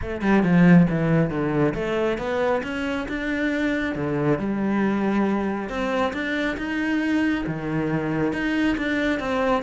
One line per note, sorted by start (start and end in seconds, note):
0.01 0.21 A3
0.21 0.43 G3
0.43 0.87 F3
0.89 1.30 E3
1.30 1.74 D3
1.74 2.18 A3
2.18 2.62 B3
2.63 3.07 C#4
3.08 3.95 D4
3.95 4.39 D3
4.39 5.69 G3
5.69 6.13 C4
6.13 6.57 D4
6.57 7.45 D#4
7.46 8.33 D#3
8.33 8.76 D#4
8.77 9.19 D4
9.19 9.63 C4